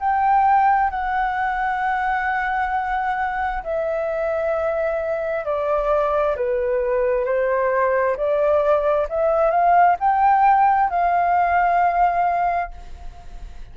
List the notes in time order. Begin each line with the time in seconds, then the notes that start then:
0.00 G5
0.90 F#5
3.64 E5
5.45 D5
6.36 B4
7.25 C5
8.17 D5
9.09 E5
9.51 F5
10.00 G5
10.90 F5